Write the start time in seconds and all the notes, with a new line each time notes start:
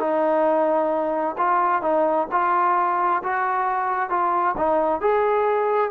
0.00 D#4
1.38 F4
1.82 D#4
2.32 F4
3.23 F#4
4.10 F4
4.57 D#4
5.01 G#4